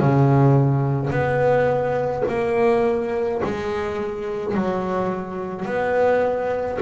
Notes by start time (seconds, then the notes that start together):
0.00 C#3
1.11 B3
2.28 A#3
3.44 G#3
4.55 F#3
5.66 B3